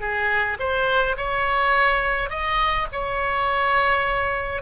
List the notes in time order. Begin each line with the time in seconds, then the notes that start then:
0.00 G#4
0.59 C5
1.17 C#5
2.29 D#5
2.92 C#5